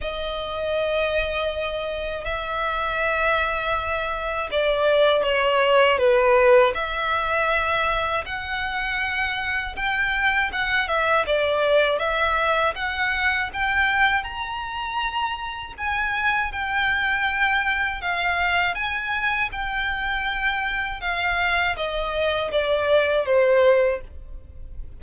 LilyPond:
\new Staff \with { instrumentName = "violin" } { \time 4/4 \tempo 4 = 80 dis''2. e''4~ | e''2 d''4 cis''4 | b'4 e''2 fis''4~ | fis''4 g''4 fis''8 e''8 d''4 |
e''4 fis''4 g''4 ais''4~ | ais''4 gis''4 g''2 | f''4 gis''4 g''2 | f''4 dis''4 d''4 c''4 | }